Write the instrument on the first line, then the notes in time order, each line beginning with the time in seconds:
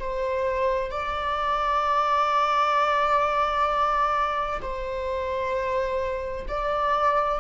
viola
0.00 C5
0.91 D5
4.62 C5
6.49 D5